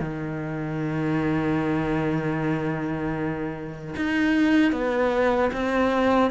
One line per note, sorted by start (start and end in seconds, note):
0.00 3.95 D#3
3.96 4.72 D#4
4.72 5.51 B3
5.53 6.31 C4